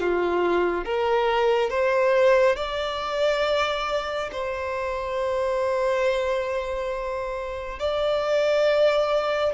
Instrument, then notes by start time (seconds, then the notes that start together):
violin
0.00 F4
0.85 A#4
1.70 C5
2.56 D5
4.32 C5
7.80 D5